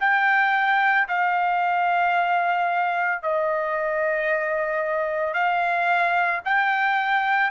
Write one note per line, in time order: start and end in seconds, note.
0.00 1.07 G5
1.08 3.22 F5
3.22 5.34 D#5
5.34 6.41 F5
6.45 7.50 G5